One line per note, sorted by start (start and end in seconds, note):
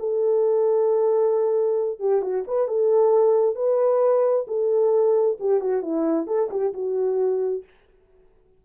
0.00 2.00 A4
2.00 2.22 G4
2.22 2.45 F#4
2.48 2.68 B4
2.68 3.56 A4
3.56 4.46 B4
4.48 5.38 A4
5.40 5.61 G4
5.61 5.83 F#4
5.83 6.27 E4
6.27 6.50 A4
6.51 6.74 G4
6.74 7.64 F#4